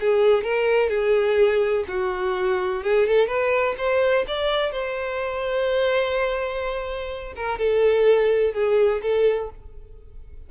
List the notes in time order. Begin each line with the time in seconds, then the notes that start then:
0.00 G#4
0.44 A#4
0.89 G#4
1.88 F#4
2.83 G#4
3.06 A4
3.27 B4
3.77 C5
4.27 D5
4.71 C5
7.35 A#4
7.58 A4
8.53 G#4
9.02 A4